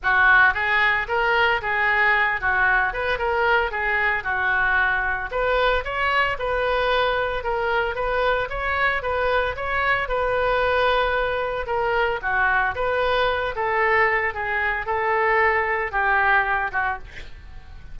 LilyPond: \new Staff \with { instrumentName = "oboe" } { \time 4/4 \tempo 4 = 113 fis'4 gis'4 ais'4 gis'4~ | gis'8 fis'4 b'8 ais'4 gis'4 | fis'2 b'4 cis''4 | b'2 ais'4 b'4 |
cis''4 b'4 cis''4 b'4~ | b'2 ais'4 fis'4 | b'4. a'4. gis'4 | a'2 g'4. fis'8 | }